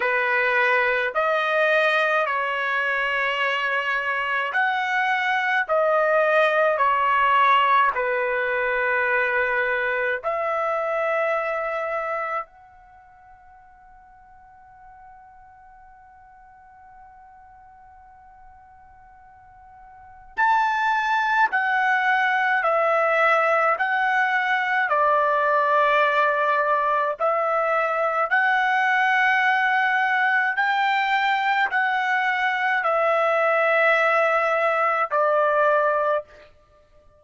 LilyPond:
\new Staff \with { instrumentName = "trumpet" } { \time 4/4 \tempo 4 = 53 b'4 dis''4 cis''2 | fis''4 dis''4 cis''4 b'4~ | b'4 e''2 fis''4~ | fis''1~ |
fis''2 a''4 fis''4 | e''4 fis''4 d''2 | e''4 fis''2 g''4 | fis''4 e''2 d''4 | }